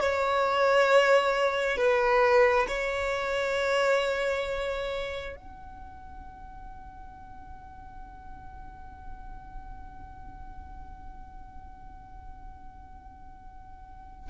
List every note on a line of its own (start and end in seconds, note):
0.00 1.77 C#5
1.77 2.67 B4
2.67 5.36 C#5
5.36 14.30 F#5